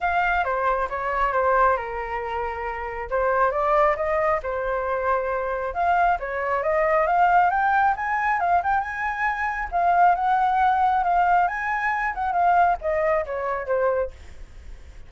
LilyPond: \new Staff \with { instrumentName = "flute" } { \time 4/4 \tempo 4 = 136 f''4 c''4 cis''4 c''4 | ais'2. c''4 | d''4 dis''4 c''2~ | c''4 f''4 cis''4 dis''4 |
f''4 g''4 gis''4 f''8 g''8 | gis''2 f''4 fis''4~ | fis''4 f''4 gis''4. fis''8 | f''4 dis''4 cis''4 c''4 | }